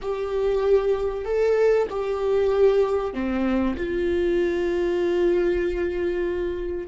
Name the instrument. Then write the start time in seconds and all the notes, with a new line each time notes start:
viola
0.01 G4
1.24 A4
1.89 G4
3.13 C4
3.76 F4